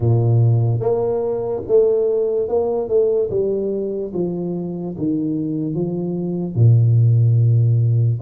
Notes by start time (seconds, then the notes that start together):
0.00 A#2
0.80 A#3
1.67 A3
2.48 A#3
2.88 A3
3.30 G3
4.13 F3
4.97 D#3
5.74 F3
6.55 A#2